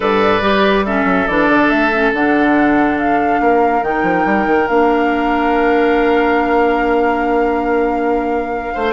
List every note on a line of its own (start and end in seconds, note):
0.00 0.41 G2
0.00 0.42 A4
0.00 0.85 B4
0.00 0.85 D5
0.41 1.04 G3
0.41 0.84 G4
0.85 1.28 C#4
0.85 3.41 A4
0.85 1.27 E5
1.04 1.26 F#3
1.27 1.48 E3
1.27 1.92 D4
1.27 1.69 D5
1.48 1.69 D3
1.69 2.12 A3
1.69 2.12 E5
1.92 2.13 C#4
2.13 3.40 D3
2.13 3.82 D4
2.13 2.98 F#5
2.98 3.83 F5
3.40 3.81 A#3
3.40 8.73 A#4
3.81 4.02 D#3
3.81 4.67 D#4
3.81 4.67 G5
4.02 4.24 F3
4.25 4.46 G3
4.46 4.67 D#3
4.67 8.73 A#3
4.67 8.92 D4
4.67 8.92 F5
8.73 8.92 A3
8.73 8.92 C5